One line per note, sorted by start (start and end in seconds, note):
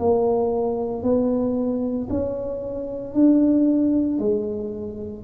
0.00 1.03 A#3
1.03 2.09 B3
2.10 3.15 C#4
3.15 4.20 D4
4.20 5.25 G#3